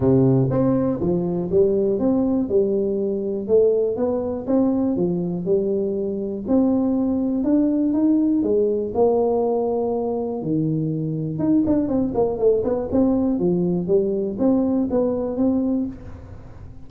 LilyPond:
\new Staff \with { instrumentName = "tuba" } { \time 4/4 \tempo 4 = 121 c4 c'4 f4 g4 | c'4 g2 a4 | b4 c'4 f4 g4~ | g4 c'2 d'4 |
dis'4 gis4 ais2~ | ais4 dis2 dis'8 d'8 | c'8 ais8 a8 b8 c'4 f4 | g4 c'4 b4 c'4 | }